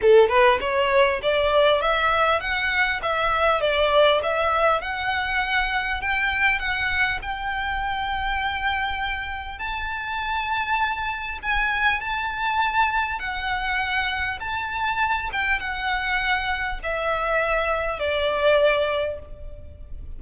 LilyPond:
\new Staff \with { instrumentName = "violin" } { \time 4/4 \tempo 4 = 100 a'8 b'8 cis''4 d''4 e''4 | fis''4 e''4 d''4 e''4 | fis''2 g''4 fis''4 | g''1 |
a''2. gis''4 | a''2 fis''2 | a''4. g''8 fis''2 | e''2 d''2 | }